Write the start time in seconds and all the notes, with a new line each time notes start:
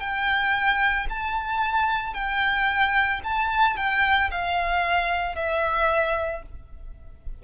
0.00 G5
1.09 A5
2.13 G5
3.23 A5
3.76 G5
4.31 F5
5.35 E5